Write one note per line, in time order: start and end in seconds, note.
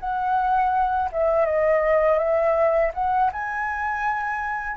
0.00 1.10 F#5
1.12 1.46 E5
1.46 2.19 D#5
2.19 2.92 E5
2.94 3.31 F#5
3.33 4.77 G#5